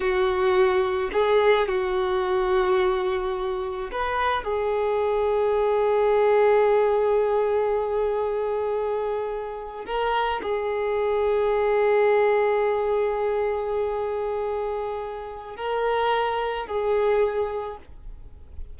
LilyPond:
\new Staff \with { instrumentName = "violin" } { \time 4/4 \tempo 4 = 108 fis'2 gis'4 fis'4~ | fis'2. b'4 | gis'1~ | gis'1~ |
gis'4.~ gis'16 ais'4 gis'4~ gis'16~ | gis'1~ | gis'1 | ais'2 gis'2 | }